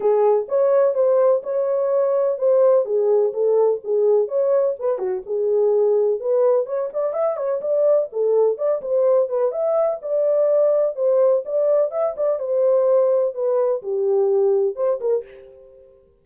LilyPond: \new Staff \with { instrumentName = "horn" } { \time 4/4 \tempo 4 = 126 gis'4 cis''4 c''4 cis''4~ | cis''4 c''4 gis'4 a'4 | gis'4 cis''4 b'8 fis'8 gis'4~ | gis'4 b'4 cis''8 d''8 e''8 cis''8 |
d''4 a'4 d''8 c''4 b'8 | e''4 d''2 c''4 | d''4 e''8 d''8 c''2 | b'4 g'2 c''8 ais'8 | }